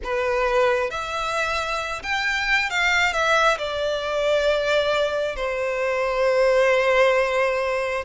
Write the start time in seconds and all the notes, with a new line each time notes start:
0.03 B4
0.90 E5
2.02 G5
2.69 F5
3.13 E5
3.58 D5
5.36 C5